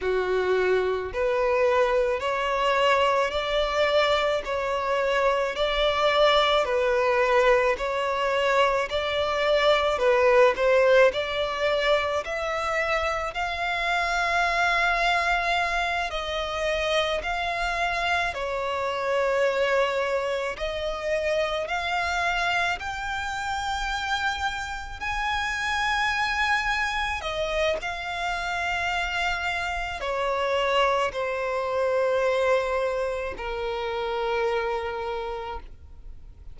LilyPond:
\new Staff \with { instrumentName = "violin" } { \time 4/4 \tempo 4 = 54 fis'4 b'4 cis''4 d''4 | cis''4 d''4 b'4 cis''4 | d''4 b'8 c''8 d''4 e''4 | f''2~ f''8 dis''4 f''8~ |
f''8 cis''2 dis''4 f''8~ | f''8 g''2 gis''4.~ | gis''8 dis''8 f''2 cis''4 | c''2 ais'2 | }